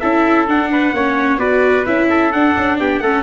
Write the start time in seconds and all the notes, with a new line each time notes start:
0.00 C#4 E4 A4 E5
0.48 D4 F#5
0.72 B4
0.94 A#3 C#4 C#5
1.38 B3 F#4 B4 D5
1.86 C#4 E4 E5
2.10 A4
2.32 D4 F#5
2.57 C#4
2.80 B3 G4 G5
3.00 A3 C#4 A4 F#5